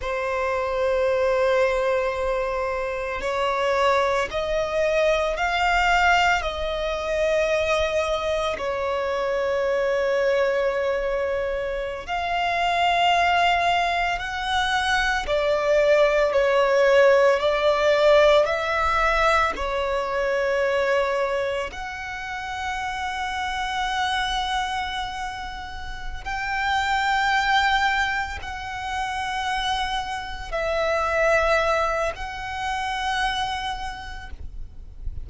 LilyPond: \new Staff \with { instrumentName = "violin" } { \time 4/4 \tempo 4 = 56 c''2. cis''4 | dis''4 f''4 dis''2 | cis''2.~ cis''16 f''8.~ | f''4~ f''16 fis''4 d''4 cis''8.~ |
cis''16 d''4 e''4 cis''4.~ cis''16~ | cis''16 fis''2.~ fis''8.~ | fis''8 g''2 fis''4.~ | fis''8 e''4. fis''2 | }